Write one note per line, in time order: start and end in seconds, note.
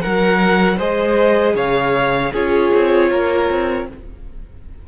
0.00 0.79 F#3
0.00 0.77 A#4
0.00 0.78 F#5
0.77 1.55 G#3
0.77 2.33 G#4
0.77 1.54 C5
0.77 1.56 D#5
1.55 2.32 C#3
1.55 2.32 C#5
1.55 2.33 F5
2.32 2.72 C#4
2.32 3.87 F4
2.32 3.09 G#4
2.32 3.88 C#5
2.73 3.11 C4
3.09 3.49 A#3
3.09 3.86 A#4
3.49 3.88 C4